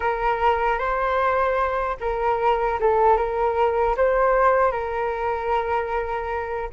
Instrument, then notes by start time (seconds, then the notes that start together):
flute
0.00 A#4
0.78 C5
2.00 A#4
2.80 A4
3.16 A#4
3.97 C5
4.72 A#4